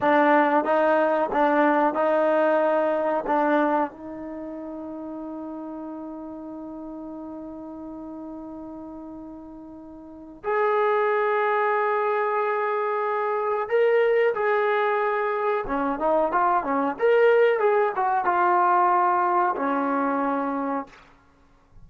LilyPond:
\new Staff \with { instrumentName = "trombone" } { \time 4/4 \tempo 4 = 92 d'4 dis'4 d'4 dis'4~ | dis'4 d'4 dis'2~ | dis'1~ | dis'1 |
gis'1~ | gis'4 ais'4 gis'2 | cis'8 dis'8 f'8 cis'8 ais'4 gis'8 fis'8 | f'2 cis'2 | }